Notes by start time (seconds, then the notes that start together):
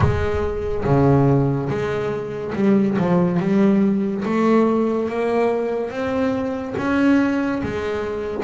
0.00 G#3
0.84 C#3
1.69 G#3
2.54 G3
2.98 F3
3.39 G3
4.24 A3
5.09 A#3
5.90 C4
6.77 C#4
7.62 G#3